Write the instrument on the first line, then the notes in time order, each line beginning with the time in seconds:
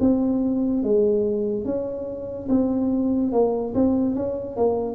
tuba
0.00 C4
0.83 G#3
1.65 C#4
2.49 C4
3.32 A#3
3.75 C4
4.16 C#4
4.56 A#3